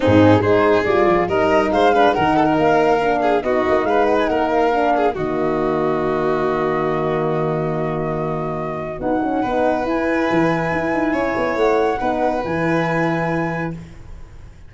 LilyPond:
<<
  \new Staff \with { instrumentName = "flute" } { \time 4/4 \tempo 4 = 140 gis'4 c''4 d''4 dis''4 | f''4 fis''4 f''2 | dis''4 f''8 fis''16 gis''16 fis''8 f''4. | dis''1~ |
dis''1~ | dis''4 fis''2 gis''4~ | gis''2. fis''4~ | fis''4 gis''2. | }
  \new Staff \with { instrumentName = "violin" } { \time 4/4 dis'4 gis'2 ais'4 | c''8 b'8 ais'8 a'16 ais'4.~ ais'16 gis'8 | fis'4 b'4 ais'4. gis'8 | fis'1~ |
fis'1~ | fis'2 b'2~ | b'2 cis''2 | b'1 | }
  \new Staff \with { instrumentName = "horn" } { \time 4/4 c'4 dis'4 f'4 dis'4~ | dis'8 d'8 dis'2 d'4 | dis'2. d'4 | ais1~ |
ais1~ | ais4 b8 cis'8 dis'4 e'4~ | e'1 | dis'4 e'2. | }
  \new Staff \with { instrumentName = "tuba" } { \time 4/4 gis,4 gis4 g8 f8 g4 | gis4 dis4 ais2 | b8 ais8 gis4 ais2 | dis1~ |
dis1~ | dis4 dis'4 b4 e'4 | e4 e'8 dis'8 cis'8 b8 a4 | b4 e2. | }
>>